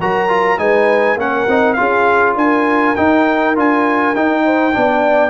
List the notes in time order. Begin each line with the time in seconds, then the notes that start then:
0.00 F#3 F#4 A#4 A#5
0.29 F4
0.58 G#3 D#4 B4 G#5
1.16 A#3 C#4 A#4 F#5
1.48 C4 D#4
1.74 F4 G#4 F5
1.80 C#4
2.35 D4 A#4 G#5
2.96 D#4 G5
3.56 D4 F4 G#5
4.15 D#4 G5
4.45 C5
4.72 B3 D4 D5